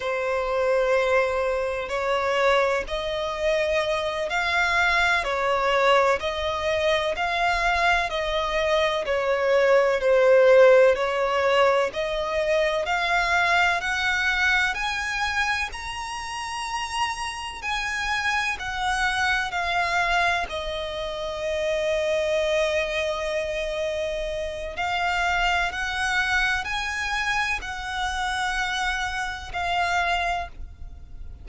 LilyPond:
\new Staff \with { instrumentName = "violin" } { \time 4/4 \tempo 4 = 63 c''2 cis''4 dis''4~ | dis''8 f''4 cis''4 dis''4 f''8~ | f''8 dis''4 cis''4 c''4 cis''8~ | cis''8 dis''4 f''4 fis''4 gis''8~ |
gis''8 ais''2 gis''4 fis''8~ | fis''8 f''4 dis''2~ dis''8~ | dis''2 f''4 fis''4 | gis''4 fis''2 f''4 | }